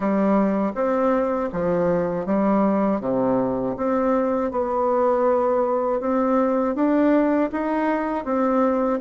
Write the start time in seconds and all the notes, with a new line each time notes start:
0.00 G3
0.74 C4
1.52 F3
2.26 G3
3.00 C3
3.77 C4
4.51 B3
6.00 C4
6.75 D4
7.51 D#4
8.24 C4